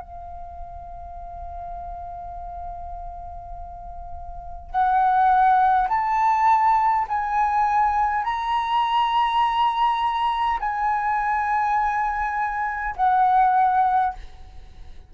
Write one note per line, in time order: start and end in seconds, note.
0.00 4.71 F5
4.71 5.88 F#5
5.88 7.06 A5
7.08 8.24 G#5
8.24 10.59 A#5
10.59 12.95 G#5
12.96 14.13 F#5